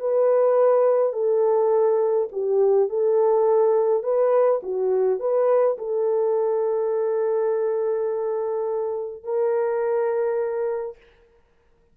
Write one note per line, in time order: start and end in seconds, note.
0.00 1.13 B4
1.13 2.28 A4
2.32 2.89 G4
2.89 4.03 A4
4.03 4.61 B4
4.63 5.20 F#4
5.20 5.77 B4
5.78 9.24 A4
9.24 10.97 A#4